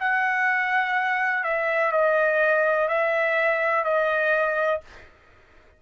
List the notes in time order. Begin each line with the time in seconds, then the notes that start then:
0.00 F#5
1.44 E5
1.92 D#5
2.88 E5
3.84 D#5